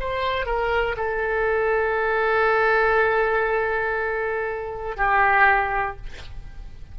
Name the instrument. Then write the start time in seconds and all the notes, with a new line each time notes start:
oboe
0.00 C5
0.46 A#4
0.97 A4
4.97 G4